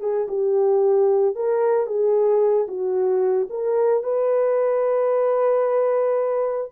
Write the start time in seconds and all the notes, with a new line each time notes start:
0.00 G#4
0.28 G4
1.35 A#4
1.87 G#4
2.68 F#4
3.50 A#4
4.03 B4